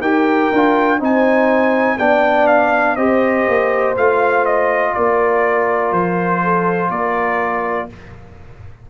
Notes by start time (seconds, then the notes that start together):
0.00 D#4 G4 A#4 G5
0.51 D4 F4
0.99 C4 D#4 C5 G#5
1.98 B3 D4 D5 G5
2.47 F5
2.95 C4 G4 C5 D#5
3.48 A#3
3.95 A3 F4 F5
4.45 D#5
4.94 A#3 A#4 D5
5.92 F3 C5
6.43 A4
6.89 A#3 A#4 D5